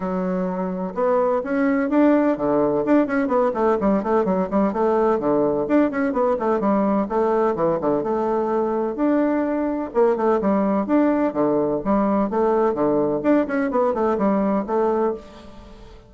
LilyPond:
\new Staff \with { instrumentName = "bassoon" } { \time 4/4 \tempo 4 = 127 fis2 b4 cis'4 | d'4 d4 d'8 cis'8 b8 a8 | g8 a8 fis8 g8 a4 d4 | d'8 cis'8 b8 a8 g4 a4 |
e8 d8 a2 d'4~ | d'4 ais8 a8 g4 d'4 | d4 g4 a4 d4 | d'8 cis'8 b8 a8 g4 a4 | }